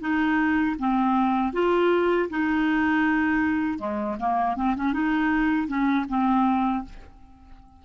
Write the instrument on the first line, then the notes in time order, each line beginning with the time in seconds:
clarinet
0.00 D#4
0.78 C4
1.53 F4
2.30 D#4
3.78 G#3
4.19 A#3
4.56 C4
4.76 C#4
4.93 D#4
5.68 C#4
6.08 C4